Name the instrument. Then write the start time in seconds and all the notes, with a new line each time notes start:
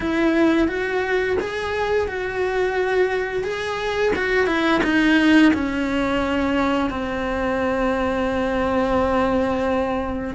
cello
0.00 E4
0.68 F#4
1.39 G#4
2.08 F#4
3.43 G#4
4.15 F#4
4.46 E4
4.83 D#4
5.53 C#4
6.90 C4